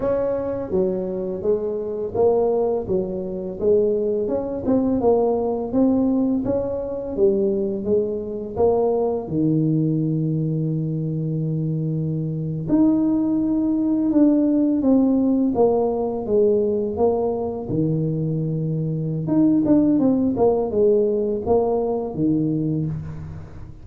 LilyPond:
\new Staff \with { instrumentName = "tuba" } { \time 4/4 \tempo 4 = 84 cis'4 fis4 gis4 ais4 | fis4 gis4 cis'8 c'8 ais4 | c'4 cis'4 g4 gis4 | ais4 dis2.~ |
dis4.~ dis16 dis'2 d'16~ | d'8. c'4 ais4 gis4 ais16~ | ais8. dis2~ dis16 dis'8 d'8 | c'8 ais8 gis4 ais4 dis4 | }